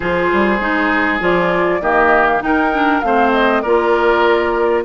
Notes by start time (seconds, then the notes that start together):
0.00 F3 F4 G#4 C5
0.32 G3
0.59 G#3 D#4
1.19 F3 F4 D5
1.81 D#3 A#3 G4 D#5
2.26 F5
2.39 D#4 A#4 G5
2.73 D4
3.00 A3 C4 C5 F5
3.31 D#5
3.61 A#3 F4 A#4 D5